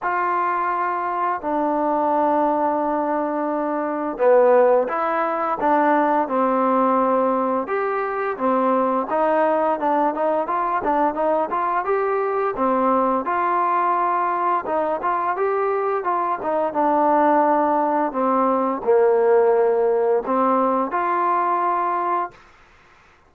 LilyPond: \new Staff \with { instrumentName = "trombone" } { \time 4/4 \tempo 4 = 86 f'2 d'2~ | d'2 b4 e'4 | d'4 c'2 g'4 | c'4 dis'4 d'8 dis'8 f'8 d'8 |
dis'8 f'8 g'4 c'4 f'4~ | f'4 dis'8 f'8 g'4 f'8 dis'8 | d'2 c'4 ais4~ | ais4 c'4 f'2 | }